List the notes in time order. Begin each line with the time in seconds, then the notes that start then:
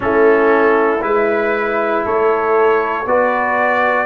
0.00 A3 C#4 E4 A4
1.01 G#3 E4 B4
2.04 A3 A4 C#5
3.05 B3 F#4 B4 D5